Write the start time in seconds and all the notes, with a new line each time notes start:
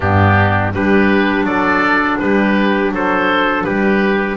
0.00 G2 B3 D4 G4
0.73 G3 D4 G4 B4
1.43 F#3 A4 D5
2.18 G3 G4 B4
2.91 F#3 A4 C5
3.63 G3 G4 B4